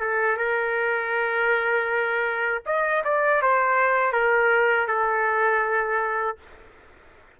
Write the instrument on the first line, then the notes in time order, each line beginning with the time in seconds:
trumpet
0.00 A4
0.37 A#4
2.66 D#5
3.04 D5
3.42 C5
4.12 A#4
4.88 A4